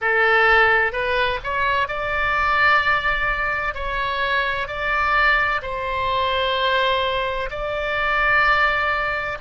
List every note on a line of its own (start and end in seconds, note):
0.01 0.92 A4
0.92 1.39 B4
1.43 1.87 C#5
1.87 3.74 D5
3.74 4.67 C#5
4.67 5.61 D5
5.62 7.49 C5
7.50 9.37 D5